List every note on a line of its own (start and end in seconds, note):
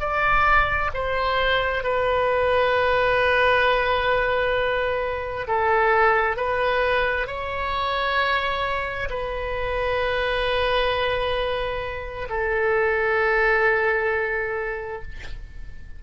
0.00 0.91 D5
0.94 1.84 C5
1.84 5.48 B4
5.48 6.37 A4
6.37 7.27 B4
7.27 9.09 C#5
9.10 12.29 B4
12.30 15.02 A4